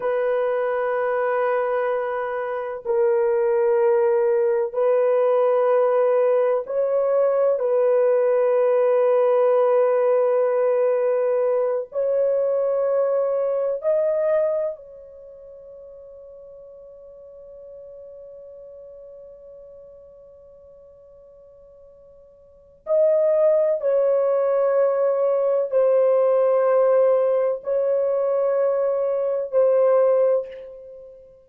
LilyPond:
\new Staff \with { instrumentName = "horn" } { \time 4/4 \tempo 4 = 63 b'2. ais'4~ | ais'4 b'2 cis''4 | b'1~ | b'8 cis''2 dis''4 cis''8~ |
cis''1~ | cis''1 | dis''4 cis''2 c''4~ | c''4 cis''2 c''4 | }